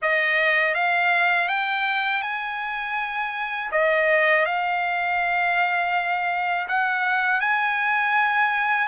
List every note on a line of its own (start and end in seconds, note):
0.02 0.74 D#5
0.74 1.48 F5
1.48 2.22 G5
2.22 3.70 G#5
3.71 4.45 D#5
4.45 6.67 F5
6.68 7.40 F#5
7.40 8.87 G#5